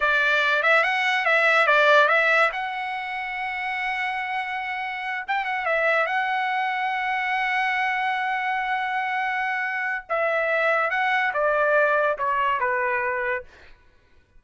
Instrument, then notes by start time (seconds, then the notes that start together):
trumpet
0.00 D5
0.63 E5
0.83 F#5
1.25 E5
1.66 D5
2.08 E5
2.52 F#5
5.27 G5
5.45 F#5
5.65 E5
6.06 F#5
10.09 E5
10.90 F#5
11.33 D5
12.18 C#5
12.60 B4